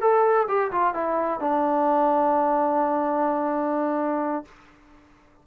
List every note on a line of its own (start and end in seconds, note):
0.00 0.47 A4
0.48 0.71 G4
0.71 0.94 F4
0.94 1.40 E4
1.40 4.44 D4